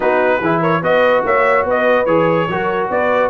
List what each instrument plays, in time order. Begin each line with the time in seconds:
0.00 tuba B3, trombone D#4, horn F#4, trumpet B4
0.40 tuba E3, trombone E4, horn G#4
0.60 horn A#4, trumpet C#5
0.81 tuba B3, trombone F#4, horn B4, trumpet D#5
1.24 tuba A#3, horn C#5, trumpet E5
1.64 tuba B3, horn B4, trumpet D#5
2.05 tuba E3, trombone G#4, trumpet C#5
2.48 tuba F#3, trombone F#4, horn A#4
2.90 tuba B3, horn B4, trumpet D5